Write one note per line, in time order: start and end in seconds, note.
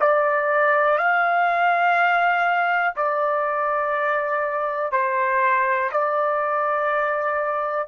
0.00 0.98 D5
0.98 2.95 F5
2.96 4.92 D5
4.92 5.91 C5
5.92 7.88 D5